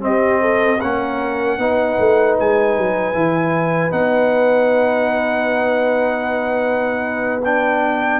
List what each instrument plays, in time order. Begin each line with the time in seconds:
0.00 trombone C4, tuba C4, horn G4, trumpet D#5
0.41 horn A4
0.81 tuba A#3, trombone C#4, horn A#4, trumpet F#5
1.58 tuba B3, trombone D#4, horn B4
1.99 tuba A3
2.39 tuba G#3, trumpet G#5
2.77 tuba F#3
3.13 tuba E3, trombone E4
3.91 tuba B3, trombone D#4, trumpet F#5
7.44 trombone D4, trumpet G5